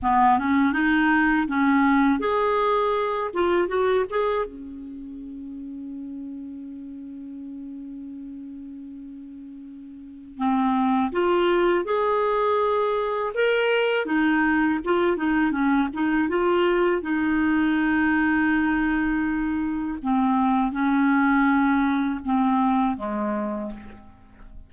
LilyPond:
\new Staff \with { instrumentName = "clarinet" } { \time 4/4 \tempo 4 = 81 b8 cis'8 dis'4 cis'4 gis'4~ | gis'8 f'8 fis'8 gis'8 cis'2~ | cis'1~ | cis'2 c'4 f'4 |
gis'2 ais'4 dis'4 | f'8 dis'8 cis'8 dis'8 f'4 dis'4~ | dis'2. c'4 | cis'2 c'4 gis4 | }